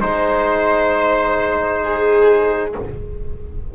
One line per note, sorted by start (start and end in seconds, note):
0.00 2.75 G#3
0.00 2.73 D#4
0.00 2.73 C5
0.00 1.83 C5
1.83 2.74 G#4